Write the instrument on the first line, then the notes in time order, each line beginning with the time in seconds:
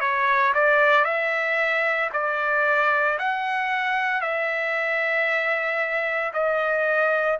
trumpet
0.00 C#5
0.54 D5
1.04 E5
2.13 D5
3.19 F#5
4.22 E5
6.33 D#5